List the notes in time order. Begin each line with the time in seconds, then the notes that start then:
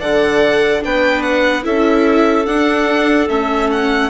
0.00 D3 A4 D5 F#5
0.81 B3 D4 B4 G5
1.23 F#5
1.63 C#4 E4 A4 E5
2.46 D4 F#5
3.29 A3 C#4 E5
3.71 F#5